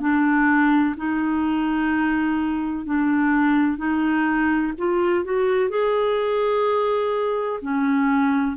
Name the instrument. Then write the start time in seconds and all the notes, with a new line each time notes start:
clarinet
0.00 D4
0.97 D#4
2.86 D4
3.77 D#4
4.78 F4
5.24 F#4
5.69 G#4
7.62 C#4